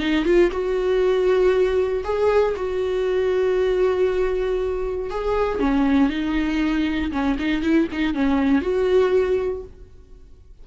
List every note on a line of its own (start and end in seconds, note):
0.00 0.25 D#4
0.25 0.51 F4
0.52 2.04 F#4
2.05 2.56 G#4
2.57 5.11 F#4
5.11 5.60 G#4
5.60 6.10 C#4
6.10 7.12 D#4
7.12 7.38 C#4
7.39 7.62 D#4
7.62 7.88 E4
7.93 8.15 D#4
8.15 8.62 C#4
8.62 9.64 F#4